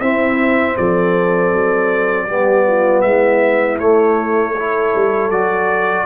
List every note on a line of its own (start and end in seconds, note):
0.00 0.76 C4
0.00 2.29 C4
0.00 0.76 E4
0.00 0.77 E5
0.77 1.53 F3
0.77 2.27 A4
0.77 3.02 D5
1.53 2.29 F#3
2.27 3.05 G3
2.27 3.80 B3
2.27 2.65 G4
2.68 3.06 F4
3.02 3.80 G#3
3.02 4.55 E4
3.02 3.78 E5
3.80 4.56 A3
3.80 4.94 A3
3.80 5.31 C#5
4.55 5.32 E4
4.55 6.07 A4
4.96 5.31 G3
5.31 6.07 F#3
5.31 6.07 F#4
5.31 6.07 D5